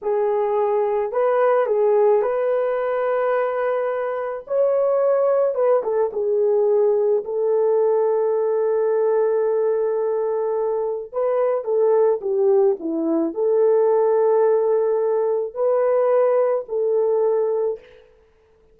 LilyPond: \new Staff \with { instrumentName = "horn" } { \time 4/4 \tempo 4 = 108 gis'2 b'4 gis'4 | b'1 | cis''2 b'8 a'8 gis'4~ | gis'4 a'2.~ |
a'1 | b'4 a'4 g'4 e'4 | a'1 | b'2 a'2 | }